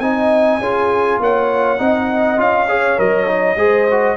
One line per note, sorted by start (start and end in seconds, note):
0.00 0.60 C4
0.00 0.62 D#4
0.00 0.62 D#5
0.00 1.19 G#5
0.60 1.20 C#4
0.60 1.79 F4
0.60 1.21 G#4
1.20 1.80 A#3
1.20 1.81 C#5
1.20 2.41 F#5
1.79 2.39 C4
1.79 2.38 D#4
1.79 2.68 D#5
2.38 2.98 C#4
2.38 2.67 F4
2.38 3.00 F5
2.68 2.98 G#4
2.68 3.58 C#5
2.98 3.57 F#3
2.98 3.27 A#4
2.98 4.17 D#5
3.27 3.57 D#4
3.57 4.16 G#3
3.57 3.88 G#4
3.57 4.17 C5
3.91 4.17 F#4